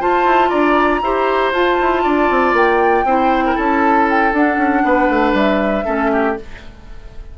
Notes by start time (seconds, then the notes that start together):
0.00 F4 C5 A5
0.25 E4
0.50 D4 D5 A#5
1.02 E4 G4 C5
1.52 F4 A5
1.81 E4
2.03 D4 D5
2.31 C4
2.53 A#3 G5
3.05 C4 E4 C5
3.46 A#4
3.55 C#4 A4 A5
4.10 G5
4.33 D4 F#5
4.58 C#4
4.85 B3 B4
5.09 A3
5.33 G3 E5
5.85 A3 C#4 A4
6.12 G4